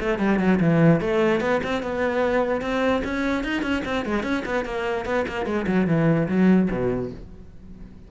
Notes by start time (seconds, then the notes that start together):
0.00 A3
0.19 G3
0.39 F#3
0.60 E3
1.01 A3
1.41 B3
1.64 C4
1.83 B3
2.62 C4
3.04 C#4
3.44 D#4
3.62 C#4
3.85 C4
4.06 G#3
4.23 C#4
4.46 B3
4.65 A#3
5.05 B3
5.28 A#3
5.46 G#3
5.67 F#3
5.87 E3
6.29 F#3
6.71 B2